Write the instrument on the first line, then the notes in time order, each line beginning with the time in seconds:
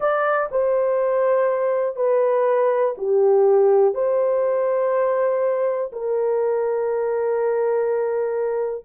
horn
0.00 D5
0.51 C5
1.96 B4
2.97 G4
3.94 C5
5.92 A#4